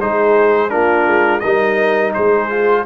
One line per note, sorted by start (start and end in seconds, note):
0.00 0.74 G#3
0.00 0.69 D#4
0.00 0.71 G#4
0.00 0.70 C5
0.69 1.07 A#3
0.69 1.41 D4
0.69 1.42 F4
0.69 1.40 A#4
1.07 1.43 G#3
1.40 2.15 G3
1.40 2.50 D#4
1.40 2.13 A#4
1.40 2.12 D#5
2.14 2.86 G#3
2.14 2.86 G#4
2.14 2.85 C5
2.50 2.86 F4